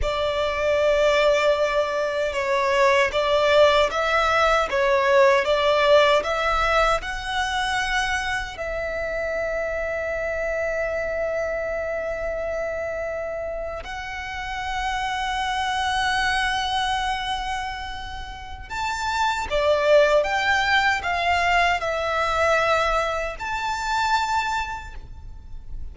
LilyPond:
\new Staff \with { instrumentName = "violin" } { \time 4/4 \tempo 4 = 77 d''2. cis''4 | d''4 e''4 cis''4 d''4 | e''4 fis''2 e''4~ | e''1~ |
e''4.~ e''16 fis''2~ fis''16~ | fis''1 | a''4 d''4 g''4 f''4 | e''2 a''2 | }